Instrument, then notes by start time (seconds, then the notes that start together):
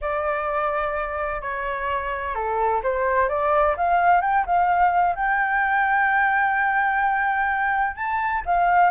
flute
0.01 D5
1.41 C#5
2.34 A4
2.83 C5
3.28 D5
3.76 F5
4.21 G5
4.46 F5
5.15 G5
7.96 A5
8.45 F5